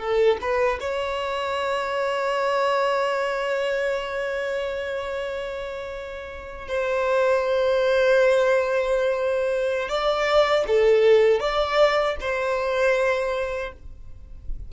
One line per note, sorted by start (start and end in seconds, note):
0.00 0.38 A4
0.41 0.79 B4
0.80 6.68 C#5
6.68 9.89 C5
9.89 10.65 D5
10.68 11.41 A4
11.41 12.17 D5
12.21 13.73 C5